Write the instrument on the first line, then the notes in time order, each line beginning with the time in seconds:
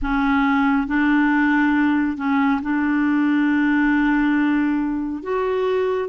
clarinet
0.02 C#4
0.87 D4
2.17 C#4
2.62 D4
5.23 F#4